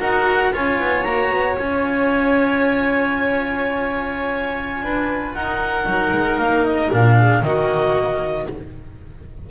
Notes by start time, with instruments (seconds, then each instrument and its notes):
0.00 double bass D#4, cello F#4, violin A#4, clarinet F#5
0.53 double bass C#4, cello F4, violin C#5, clarinet G#5
0.80 double bass B3
1.03 double bass A#3, cello F#4, clarinet A#5
1.31 double bass B3
1.58 double bass C#4, cello F4, clarinet G#5
4.82 double bass D4, violin B4
5.35 double bass D#4, violin A#4, clarinet F#5
5.86 double bass F#3, cello D#4
6.13 double bass G#3
6.38 double bass A#3, clarinet F5
6.65 clarinet D#5
6.92 double bass A#2, cello D4, clarinet F5
7.17 violin G#4
7.42 double bass D#3, cello A#3, violin F#4, clarinet D#5